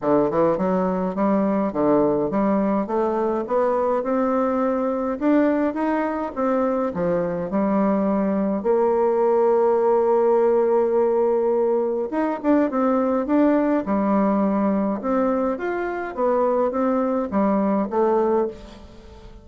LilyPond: \new Staff \with { instrumentName = "bassoon" } { \time 4/4 \tempo 4 = 104 d8 e8 fis4 g4 d4 | g4 a4 b4 c'4~ | c'4 d'4 dis'4 c'4 | f4 g2 ais4~ |
ais1~ | ais4 dis'8 d'8 c'4 d'4 | g2 c'4 f'4 | b4 c'4 g4 a4 | }